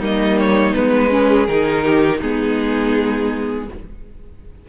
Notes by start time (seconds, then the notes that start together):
0.00 G3 A#3 D#4 D#5
0.39 C#5
0.74 G#3 B3 B4
1.10 C#4 G#4
1.47 D#3 D#4 A#4
1.85 G4
2.20 G#3 B3 D#4 G#4